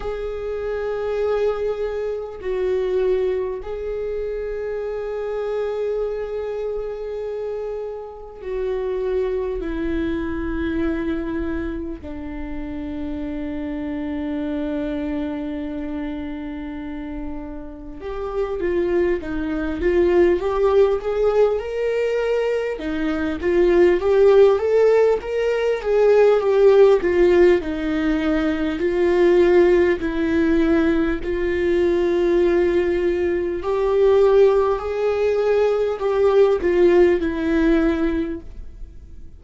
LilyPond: \new Staff \with { instrumentName = "viola" } { \time 4/4 \tempo 4 = 50 gis'2 fis'4 gis'4~ | gis'2. fis'4 | e'2 d'2~ | d'2. g'8 f'8 |
dis'8 f'8 g'8 gis'8 ais'4 dis'8 f'8 | g'8 a'8 ais'8 gis'8 g'8 f'8 dis'4 | f'4 e'4 f'2 | g'4 gis'4 g'8 f'8 e'4 | }